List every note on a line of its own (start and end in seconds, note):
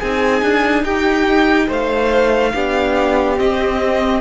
0.00 0.43 C4
0.00 2.55 D#4
0.00 0.85 G#4
0.00 0.85 G#5
0.43 0.84 D4
0.84 1.68 D#4
0.84 1.68 G4
0.84 1.69 G5
1.68 2.54 A3
1.68 2.52 C5
1.68 3.39 F5
2.55 3.40 B3
2.55 3.37 D4
2.55 4.22 G4
3.37 4.22 C4
3.37 4.22 D#5